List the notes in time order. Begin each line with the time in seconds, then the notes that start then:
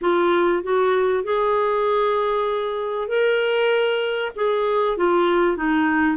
0.01 F4
0.63 F#4
1.23 G#4
3.08 A#4
4.35 G#4
4.97 F4
5.56 D#4